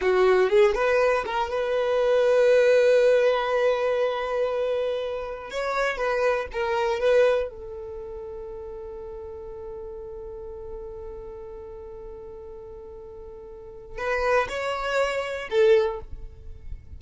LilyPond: \new Staff \with { instrumentName = "violin" } { \time 4/4 \tempo 4 = 120 fis'4 gis'8 b'4 ais'8 b'4~ | b'1~ | b'2. cis''4 | b'4 ais'4 b'4 a'4~ |
a'1~ | a'1~ | a'1 | b'4 cis''2 a'4 | }